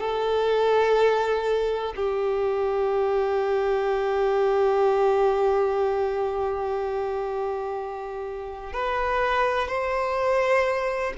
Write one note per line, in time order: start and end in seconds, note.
0.00 1.94 A4
1.96 8.73 G4
8.73 9.68 B4
9.68 11.13 C5